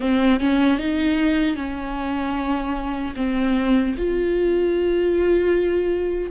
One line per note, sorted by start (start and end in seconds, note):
0.00 0.39 C4
0.39 0.78 C#4
0.78 1.56 D#4
1.56 3.14 C#4
3.16 3.95 C4
3.97 6.30 F4